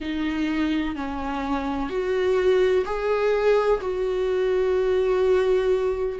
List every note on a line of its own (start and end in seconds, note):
0.00 0.95 D#4
0.95 1.89 C#4
1.89 2.84 F#4
2.85 3.80 G#4
3.81 6.19 F#4